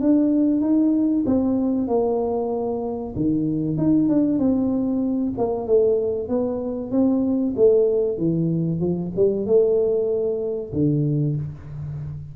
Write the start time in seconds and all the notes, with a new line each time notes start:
0.00 D4
0.61 D#4
1.26 C4
1.87 A#3
3.15 D#3
3.77 D#4
4.09 D4
4.38 C4
5.37 A#3
5.66 A3
6.28 B3
6.91 C4
7.56 A3
8.17 E3
8.80 F3
9.16 G3
9.46 A3
10.73 D3